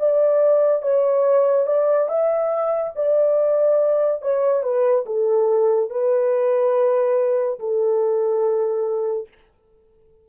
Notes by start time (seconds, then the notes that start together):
0.00 D5
0.83 C#5
1.67 D5
2.09 E5
2.96 D5
4.23 C#5
4.63 B4
5.06 A4
5.90 B4
7.60 A4